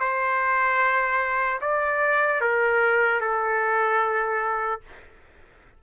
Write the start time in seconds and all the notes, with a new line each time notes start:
0.00 C5
1.61 D5
2.41 A#4
3.21 A4